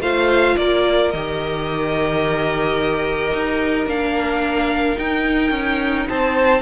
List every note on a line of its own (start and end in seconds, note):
0.00 0.55 A3
0.00 1.12 F4
0.00 0.56 C5
0.00 0.57 F5
0.57 1.13 A#3
0.57 6.08 A#4
0.57 1.12 D5
1.12 3.33 D#3
1.12 3.88 G4
1.12 3.87 D#5
3.33 3.87 D#4
3.87 4.97 A#3
3.87 4.96 D4
3.87 4.99 F5
4.96 6.61 D#4
4.96 5.51 D#4
4.96 6.09 G5
5.51 6.06 C#4
6.09 6.62 C4
6.09 6.62 C5
6.09 6.62 A5